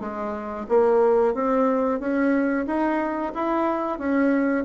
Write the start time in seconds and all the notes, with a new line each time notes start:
0.00 G#3
0.69 A#3
1.34 C4
2.00 C#4
2.66 D#4
3.34 E4
3.99 C#4